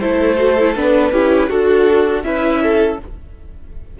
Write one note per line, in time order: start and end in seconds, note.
0.00 0.76 A3
0.00 0.37 E4
0.00 1.12 A4
0.00 0.75 C5
0.37 0.56 F#4
0.59 0.75 E4
0.75 1.11 B3
0.75 1.13 D4
0.75 1.50 B4
1.11 1.49 C#4
1.11 1.50 E4
1.11 1.49 G4
1.49 2.23 D4
1.49 2.24 F#4
1.49 2.23 A4
2.23 2.98 C#4
2.23 2.99 E4
2.23 2.62 B4
2.23 2.98 E5
2.62 3.00 A4